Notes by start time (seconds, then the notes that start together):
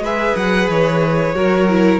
0.00 G#3 G#4 B4 E5
0.36 F#3 F#5
0.68 E3 C#5
1.34 F#3 F#4 A#4
1.69 E4